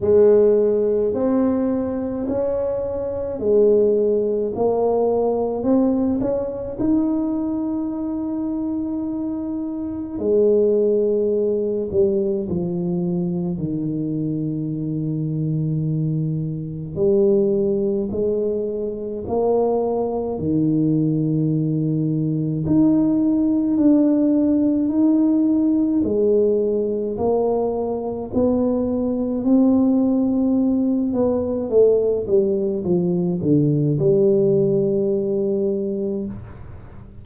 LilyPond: \new Staff \with { instrumentName = "tuba" } { \time 4/4 \tempo 4 = 53 gis4 c'4 cis'4 gis4 | ais4 c'8 cis'8 dis'2~ | dis'4 gis4. g8 f4 | dis2. g4 |
gis4 ais4 dis2 | dis'4 d'4 dis'4 gis4 | ais4 b4 c'4. b8 | a8 g8 f8 d8 g2 | }